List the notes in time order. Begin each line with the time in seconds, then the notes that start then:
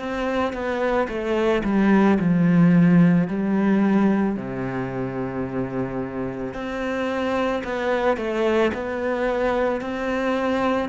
0.00 C4
0.53 B3
1.09 A3
1.64 G3
2.20 F3
3.28 G3
4.36 C3
6.54 C4
7.64 B3
8.17 A3
8.74 B3
9.81 C4